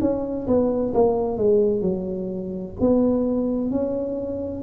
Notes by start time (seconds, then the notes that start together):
0.00 C#4
0.47 B3
0.94 A#3
1.37 G#3
1.81 F#3
2.79 B3
3.70 C#4